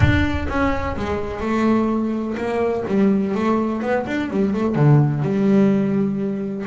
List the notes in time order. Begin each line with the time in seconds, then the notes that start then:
0.00 D4
0.48 C#4
0.96 G#3
1.40 A3
2.37 A#3
2.87 G3
3.34 A3
3.82 B3
4.06 D4
4.30 G3
4.53 A3
4.75 D3
5.22 G3